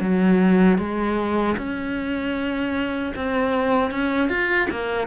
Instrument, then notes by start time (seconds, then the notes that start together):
cello
0.00 F#3
0.78 G#3
1.57 C#4
3.15 C4
3.91 C#4
4.29 F4
4.70 A#3